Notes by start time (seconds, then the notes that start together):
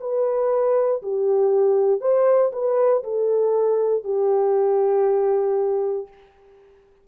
0.00 B4
1.02 G4
2.01 C5
2.52 B4
3.03 A4
4.04 G4